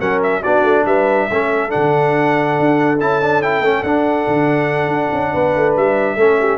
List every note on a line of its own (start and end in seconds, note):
0.00 0.43 F#3
0.00 0.43 C#4
0.00 0.42 A#4
0.00 0.22 F#5
0.23 0.43 E5
0.42 0.64 B3
0.42 1.30 D4
0.42 0.84 F#4
0.42 0.86 D5
0.64 0.85 A3
0.86 1.28 G3
0.86 1.29 B4
0.86 1.71 E5
1.30 1.72 A3
1.30 1.70 C#4
1.30 5.33 A4
1.70 2.60 D3
1.70 2.98 D4
1.70 2.99 F#5
2.60 3.02 D4
3.00 3.61 C#4
3.00 3.22 E4
3.00 3.42 A5
3.23 3.43 D4
3.42 3.64 E4
3.42 3.84 G5
3.61 3.82 A3
3.61 3.85 C#4
3.84 4.26 D4
3.84 6.18 D4
3.84 5.75 F#5
4.28 4.88 D3
4.88 5.09 D4
5.13 5.34 C#4
5.33 5.56 B3
5.33 6.18 B4
5.56 5.77 A3
5.77 6.17 G3
5.77 6.58 E5
6.17 6.58 A3
6.17 6.58 C#4
6.17 6.39 A4
6.40 6.58 G4